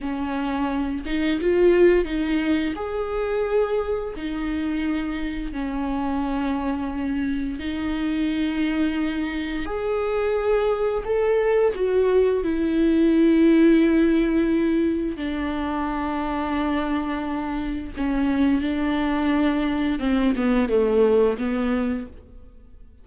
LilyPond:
\new Staff \with { instrumentName = "viola" } { \time 4/4 \tempo 4 = 87 cis'4. dis'8 f'4 dis'4 | gis'2 dis'2 | cis'2. dis'4~ | dis'2 gis'2 |
a'4 fis'4 e'2~ | e'2 d'2~ | d'2 cis'4 d'4~ | d'4 c'8 b8 a4 b4 | }